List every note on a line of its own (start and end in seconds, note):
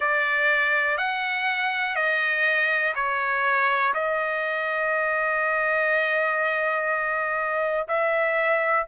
0.00 0.97 D5
0.97 1.95 F#5
1.95 2.93 D#5
2.95 3.93 C#5
3.93 7.87 D#5
7.88 8.86 E5